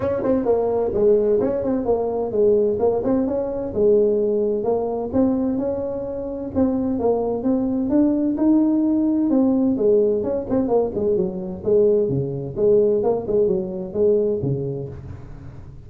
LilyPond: \new Staff \with { instrumentName = "tuba" } { \time 4/4 \tempo 4 = 129 cis'8 c'8 ais4 gis4 cis'8 c'8 | ais4 gis4 ais8 c'8 cis'4 | gis2 ais4 c'4 | cis'2 c'4 ais4 |
c'4 d'4 dis'2 | c'4 gis4 cis'8 c'8 ais8 gis8 | fis4 gis4 cis4 gis4 | ais8 gis8 fis4 gis4 cis4 | }